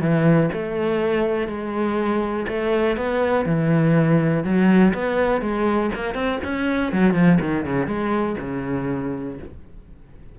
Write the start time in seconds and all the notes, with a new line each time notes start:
0.00 E3
0.53 A3
1.47 G#3
2.47 A3
2.96 B3
3.45 E3
4.44 F#3
4.94 B3
5.41 G#3
5.94 A#3
6.14 C4
6.44 C#4
6.92 F#3
7.13 F3
7.40 D#3
7.65 C#3
7.86 G#3
8.40 C#3